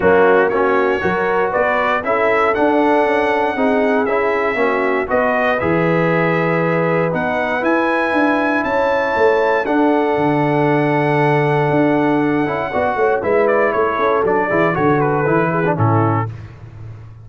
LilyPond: <<
  \new Staff \with { instrumentName = "trumpet" } { \time 4/4 \tempo 4 = 118 fis'4 cis''2 d''4 | e''4 fis''2. | e''2 dis''4 e''4~ | e''2 fis''4 gis''4~ |
gis''4 a''2 fis''4~ | fis''1~ | fis''2 e''8 d''8 cis''4 | d''4 cis''8 b'4. a'4 | }
  \new Staff \with { instrumentName = "horn" } { \time 4/4 cis'4 fis'4 ais'4 b'4 | a'2. gis'4~ | gis'4 fis'4 b'2~ | b'1~ |
b'4 cis''2 a'4~ | a'1~ | a'4 d''8 cis''8 b'4 a'4~ | a'8 gis'8 a'4. gis'8 e'4 | }
  \new Staff \with { instrumentName = "trombone" } { \time 4/4 ais4 cis'4 fis'2 | e'4 d'2 dis'4 | e'4 cis'4 fis'4 gis'4~ | gis'2 dis'4 e'4~ |
e'2. d'4~ | d'1~ | d'8 e'8 fis'4 e'2 | d'8 e'8 fis'4 e'8. d'16 cis'4 | }
  \new Staff \with { instrumentName = "tuba" } { \time 4/4 fis4 ais4 fis4 b4 | cis'4 d'4 cis'4 c'4 | cis'4 ais4 b4 e4~ | e2 b4 e'4 |
d'4 cis'4 a4 d'4 | d2. d'4~ | d'8 cis'8 b8 a8 gis4 a8 cis'8 | fis8 e8 d4 e4 a,4 | }
>>